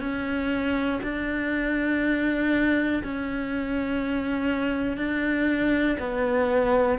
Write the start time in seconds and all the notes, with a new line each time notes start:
0.00 C#4
1.03 D4
3.04 C#4
4.97 D4
6.00 B3